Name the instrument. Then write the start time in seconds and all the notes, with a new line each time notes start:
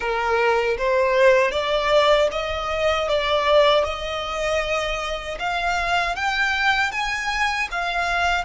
violin
0.00 A#4
0.78 C5
1.51 D5
2.31 D#5
3.08 D5
3.84 D#5
5.39 F5
6.15 G5
6.91 G#5
7.71 F5